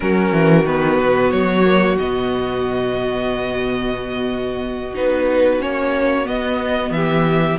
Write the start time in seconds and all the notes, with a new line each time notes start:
0.00 F#3 C#4 F#4 A#4
0.32 E3
0.64 D#3 B3 B4
0.98 B2
1.31 F#3 C#5
1.65 A#3
1.98 B2 B3 D#5
4.94 B3 D#4 B4
5.59 A#3 C#4 C#5
6.24 B3 D#5
6.90 E3 G4 E5